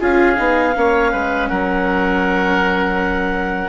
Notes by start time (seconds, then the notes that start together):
0.00 C#4 F4 G#4 F5
0.36 B3 D#4
0.74 A#3 C#4 C#5
1.12 G#3 B4
1.48 F#3 A#4 F#5